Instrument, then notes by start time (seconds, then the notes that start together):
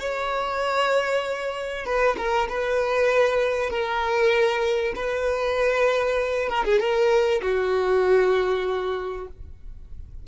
violin
0.00 C#5
1.86 B4
2.17 A#4
2.49 B4
3.70 A#4
4.96 B4
6.49 A#4
6.65 G#4
6.80 A#4
7.42 F#4